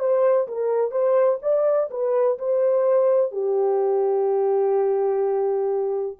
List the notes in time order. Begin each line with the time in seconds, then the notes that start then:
0.00 C5
0.48 A#4
0.92 C5
1.42 D5
1.91 B4
2.39 C5
3.32 G4